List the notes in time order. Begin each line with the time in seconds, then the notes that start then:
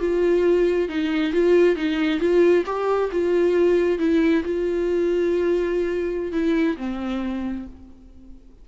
0.00 F4
0.89 D#4
1.33 F4
1.76 D#4
2.20 F4
2.66 G4
3.12 F4
3.99 E4
4.45 F4
6.33 E4
6.77 C4